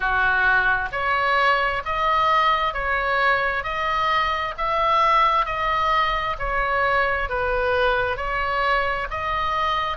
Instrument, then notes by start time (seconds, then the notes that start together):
oboe
0.00 F#4
0.92 C#5
1.85 D#5
2.73 C#5
3.63 D#5
4.57 E5
5.45 D#5
6.38 C#5
7.29 B4
8.17 C#5
9.10 D#5